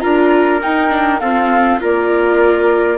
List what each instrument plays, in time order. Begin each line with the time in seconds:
0.00 bassoon D4, viola F4, trumpet A#4, flute A#5
0.62 viola D#4, bassoon D#4, flute G5
0.89 viola D4
1.19 viola C4, bassoon F4, trumpet A4, flute F5
1.79 bassoon A#3, viola F4, trumpet A#4, flute D5